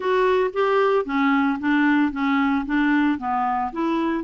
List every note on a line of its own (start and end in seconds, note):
0.00 0.50 F#4
0.53 1.05 G4
1.05 1.58 C#4
1.59 2.11 D4
2.11 2.65 C#4
2.65 3.18 D4
3.18 3.71 B3
3.72 4.24 E4